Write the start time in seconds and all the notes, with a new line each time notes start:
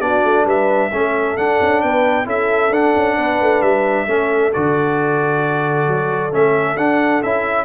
0.00 B3 D4 F#4 D5
0.24 A3
0.45 G3 B4 E5
0.92 A3 C#4 A4
1.37 D4 F#5
1.60 C#4
1.81 B3 B4 G5
2.25 C#4 E4 A4 E5
2.70 D4 F#5
2.96 C#4
3.16 B3 B4
3.41 A3
3.61 G3 E5
4.07 A3 C#4 A4
4.53 D3 F#4 D5
5.87 F#3
6.31 A3 C#4 E5
6.76 D4 F#5
7.22 C#4 E4 E5